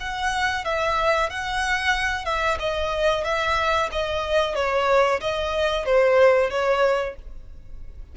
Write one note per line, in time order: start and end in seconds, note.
0.00 0.64 F#5
0.64 1.30 E5
1.30 2.25 F#5
2.25 2.58 E5
2.59 3.24 D#5
3.24 3.89 E5
3.92 4.55 D#5
4.55 5.20 C#5
5.20 5.85 D#5
5.85 6.50 C5
6.50 7.15 C#5